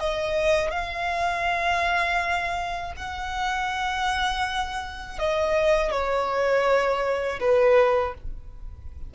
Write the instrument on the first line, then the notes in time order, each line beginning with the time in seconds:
violin
0.00 D#5
0.71 F5
2.97 F#5
5.19 D#5
5.91 C#5
7.40 B4